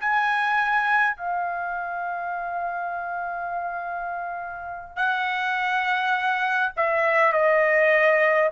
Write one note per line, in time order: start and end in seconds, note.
0.00 1.17 G#5
1.17 4.96 F5
4.96 6.73 F#5
6.76 7.33 E5
7.33 8.50 D#5